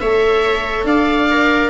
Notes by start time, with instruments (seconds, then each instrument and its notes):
0.00 tuba A3, viola A4 C#5, oboe E5
0.84 tuba D4, viola D5, oboe F5
1.31 viola A#4